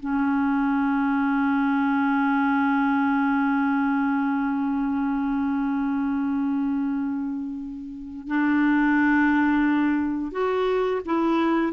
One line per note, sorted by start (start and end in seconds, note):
0.00 8.27 C#4
8.27 10.32 D4
10.32 11.01 F#4
11.06 11.73 E4